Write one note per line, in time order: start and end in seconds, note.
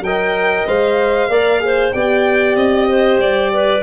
0.00 0.63 F#3
0.00 0.67 A#4
0.00 1.30 D#5
0.00 0.67 G5
0.67 1.28 G#3
0.67 1.30 C5
0.67 1.92 F5
1.28 1.91 A#3
1.28 1.60 A#4
1.28 1.61 D5
1.60 1.92 G#4
1.60 1.94 C5
1.92 2.56 B3
1.92 3.83 G4
1.92 2.89 D5
1.92 2.56 G5
2.56 3.19 C4
2.56 3.20 D#5
2.89 3.52 C5
3.19 3.82 G3
3.19 3.83 D5
3.53 3.83 B4